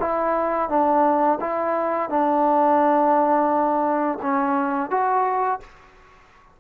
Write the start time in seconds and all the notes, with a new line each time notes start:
0.00 E4
0.69 D4
1.41 E4
2.10 D4
4.23 C#4
4.91 F#4